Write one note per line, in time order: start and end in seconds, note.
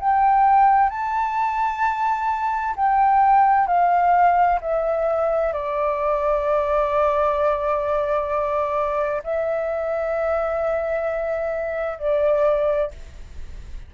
0.00 0.90 G5
0.90 2.75 A5
2.76 3.67 G5
3.67 4.59 F5
4.61 5.53 E5
5.53 9.22 D5
9.24 11.99 E5
11.99 12.91 D5